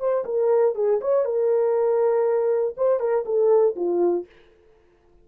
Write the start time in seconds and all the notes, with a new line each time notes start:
0.00 C5
0.25 A#4
0.75 G#4
1.01 C#5
1.25 A#4
2.77 C5
3.00 A#4
3.26 A4
3.76 F4